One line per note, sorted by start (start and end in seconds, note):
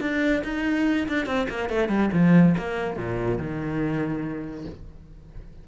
0.00 0.42 D4
0.44 1.07 D#4
1.08 1.26 D4
1.26 1.47 C4
1.49 1.69 A#3
1.69 1.88 A3
1.88 2.10 G3
2.13 2.55 F3
2.57 2.96 A#3
2.96 3.38 A#2
3.38 4.64 D#3